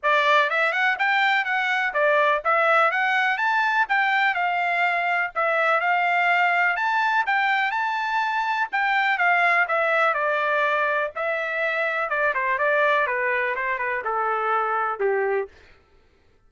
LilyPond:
\new Staff \with { instrumentName = "trumpet" } { \time 4/4 \tempo 4 = 124 d''4 e''8 fis''8 g''4 fis''4 | d''4 e''4 fis''4 a''4 | g''4 f''2 e''4 | f''2 a''4 g''4 |
a''2 g''4 f''4 | e''4 d''2 e''4~ | e''4 d''8 c''8 d''4 b'4 | c''8 b'8 a'2 g'4 | }